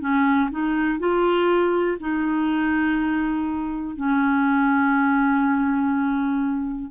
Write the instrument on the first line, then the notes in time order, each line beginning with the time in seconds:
clarinet
0.00 C#4
0.51 D#4
0.99 F4
2.00 D#4
3.96 C#4